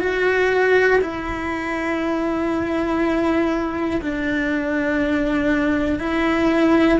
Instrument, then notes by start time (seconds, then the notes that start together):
cello
0.00 F#4
1.01 E4
4.02 D4
6.00 E4